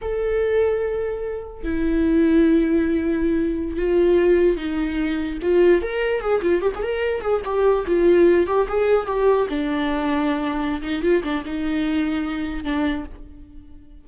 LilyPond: \new Staff \with { instrumentName = "viola" } { \time 4/4 \tempo 4 = 147 a'1 | e'1~ | e'4~ e'16 f'2 dis'8.~ | dis'4~ dis'16 f'4 ais'4 gis'8 f'16~ |
f'16 g'16 gis'16 ais'4 gis'8 g'4 f'8.~ | f'8. g'8 gis'4 g'4 d'8.~ | d'2~ d'8 dis'8 f'8 d'8 | dis'2. d'4 | }